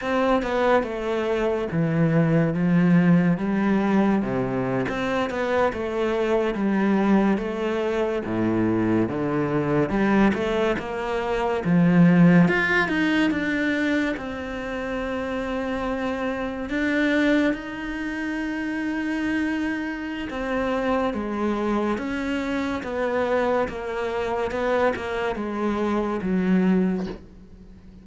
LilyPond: \new Staff \with { instrumentName = "cello" } { \time 4/4 \tempo 4 = 71 c'8 b8 a4 e4 f4 | g4 c8. c'8 b8 a4 g16~ | g8. a4 a,4 d4 g16~ | g16 a8 ais4 f4 f'8 dis'8 d'16~ |
d'8. c'2. d'16~ | d'8. dis'2.~ dis'16 | c'4 gis4 cis'4 b4 | ais4 b8 ais8 gis4 fis4 | }